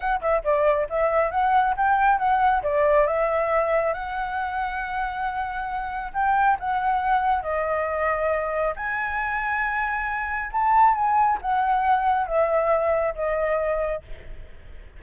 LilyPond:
\new Staff \with { instrumentName = "flute" } { \time 4/4 \tempo 4 = 137 fis''8 e''8 d''4 e''4 fis''4 | g''4 fis''4 d''4 e''4~ | e''4 fis''2.~ | fis''2 g''4 fis''4~ |
fis''4 dis''2. | gis''1 | a''4 gis''4 fis''2 | e''2 dis''2 | }